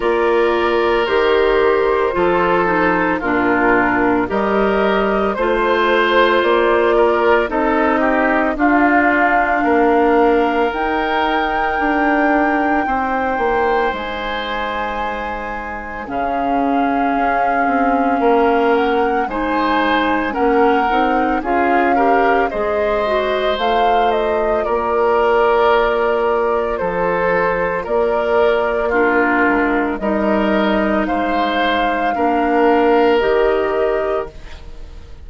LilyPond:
<<
  \new Staff \with { instrumentName = "flute" } { \time 4/4 \tempo 4 = 56 d''4 c''2 ais'4 | dis''4 c''4 d''4 dis''4 | f''2 g''2~ | g''4 gis''2 f''4~ |
f''4. fis''8 gis''4 fis''4 | f''4 dis''4 f''8 dis''8 d''4~ | d''4 c''4 d''4 ais'4 | dis''4 f''2 dis''4 | }
  \new Staff \with { instrumentName = "oboe" } { \time 4/4 ais'2 a'4 f'4 | ais'4 c''4. ais'8 a'8 g'8 | f'4 ais'2. | c''2. gis'4~ |
gis'4 ais'4 c''4 ais'4 | gis'8 ais'8 c''2 ais'4~ | ais'4 a'4 ais'4 f'4 | ais'4 c''4 ais'2 | }
  \new Staff \with { instrumentName = "clarinet" } { \time 4/4 f'4 g'4 f'8 dis'8 d'4 | g'4 f'2 dis'4 | d'2 dis'2~ | dis'2. cis'4~ |
cis'2 dis'4 cis'8 dis'8 | f'8 g'8 gis'8 fis'8 f'2~ | f'2. d'4 | dis'2 d'4 g'4 | }
  \new Staff \with { instrumentName = "bassoon" } { \time 4/4 ais4 dis4 f4 ais,4 | g4 a4 ais4 c'4 | d'4 ais4 dis'4 d'4 | c'8 ais8 gis2 cis4 |
cis'8 c'8 ais4 gis4 ais8 c'8 | cis'4 gis4 a4 ais4~ | ais4 f4 ais4. gis8 | g4 gis4 ais4 dis4 | }
>>